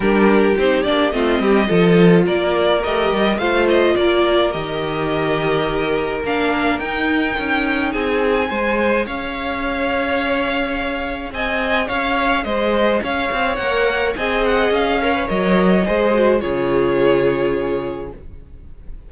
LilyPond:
<<
  \new Staff \with { instrumentName = "violin" } { \time 4/4 \tempo 4 = 106 ais'4 c''8 d''8 dis''2 | d''4 dis''4 f''8 dis''8 d''4 | dis''2. f''4 | g''2 gis''2 |
f''1 | gis''4 f''4 dis''4 f''4 | fis''4 gis''8 fis''8 f''4 dis''4~ | dis''4 cis''2. | }
  \new Staff \with { instrumentName = "violin" } { \time 4/4 g'2 f'8 g'8 a'4 | ais'2 c''4 ais'4~ | ais'1~ | ais'2 gis'4 c''4 |
cis''1 | dis''4 cis''4 c''4 cis''4~ | cis''4 dis''4. cis''4. | c''4 gis'2. | }
  \new Staff \with { instrumentName = "viola" } { \time 4/4 d'4 dis'8 d'8 c'4 f'4~ | f'4 g'4 f'2 | g'2. d'4 | dis'2. gis'4~ |
gis'1~ | gis'1 | ais'4 gis'4. ais'16 b'16 ais'4 | gis'8 fis'8 f'2. | }
  \new Staff \with { instrumentName = "cello" } { \time 4/4 g4 c'8 ais8 a8 g8 f4 | ais4 a8 g8 a4 ais4 | dis2. ais4 | dis'4 cis'4 c'4 gis4 |
cis'1 | c'4 cis'4 gis4 cis'8 c'8 | ais4 c'4 cis'4 fis4 | gis4 cis2. | }
>>